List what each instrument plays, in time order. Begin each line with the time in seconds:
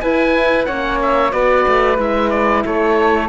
0.00 horn E4, cello E4, flute B4, oboe G#5
0.65 cello A#3, horn C#4, flute C#5, oboe F#5
1.02 oboe E5
1.30 cello B3, horn F#4, flute B4, oboe D5
1.67 cello A3
1.95 cello G#3, horn E4, oboe E5
2.30 oboe D5
2.65 cello A3, flute A4, oboe C#5